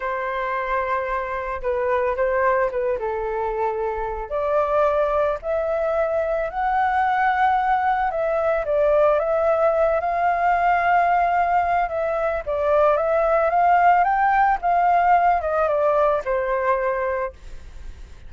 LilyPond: \new Staff \with { instrumentName = "flute" } { \time 4/4 \tempo 4 = 111 c''2. b'4 | c''4 b'8 a'2~ a'8 | d''2 e''2 | fis''2. e''4 |
d''4 e''4. f''4.~ | f''2 e''4 d''4 | e''4 f''4 g''4 f''4~ | f''8 dis''8 d''4 c''2 | }